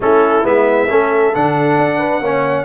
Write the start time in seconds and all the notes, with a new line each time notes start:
0.00 A3 C#4 E4 A4
0.43 G#3 B3 E5
0.89 A3 C#4 A4
1.34 D3 D4 F#5
1.77 D4
1.98 B4
2.20 A#3 C#4 C#5